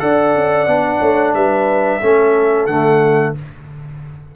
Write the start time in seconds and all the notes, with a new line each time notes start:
0.00 D4 A4 D5 F#5
0.35 C#4
0.67 B3 D4
1.00 A3 C#5
1.34 G3 B4 E5
2.01 A3 C#4 A4
2.67 D3 A3 F#5